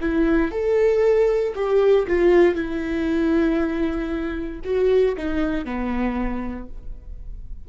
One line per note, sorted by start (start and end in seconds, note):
0.00 0.51 E4
0.51 1.53 A4
1.55 2.06 G4
2.07 2.55 F4
2.55 4.60 E4
4.64 5.15 F#4
5.17 5.65 D#4
5.65 6.67 B3